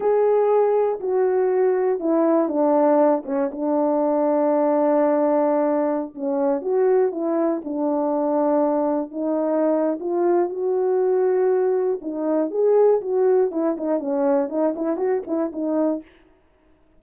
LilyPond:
\new Staff \with { instrumentName = "horn" } { \time 4/4 \tempo 4 = 120 gis'2 fis'2 | e'4 d'4. cis'8 d'4~ | d'1~ | d'16 cis'4 fis'4 e'4 d'8.~ |
d'2~ d'16 dis'4.~ dis'16 | f'4 fis'2. | dis'4 gis'4 fis'4 e'8 dis'8 | cis'4 dis'8 e'8 fis'8 e'8 dis'4 | }